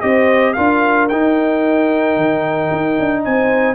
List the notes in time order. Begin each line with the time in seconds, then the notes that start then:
0.00 C4 G4 C5 D#5
0.53 D4 F4 A#4 F5
1.08 D#4 G5
2.16 D#3
2.71 D#4
2.99 D4
3.24 C4 C5 G#5